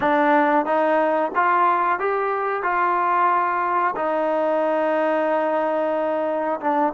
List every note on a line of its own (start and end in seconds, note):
0.00 0.65 D4
0.65 1.31 D#4
1.35 1.99 F4
1.99 2.62 G4
2.62 3.94 F4
3.96 6.59 D#4
6.60 6.93 D4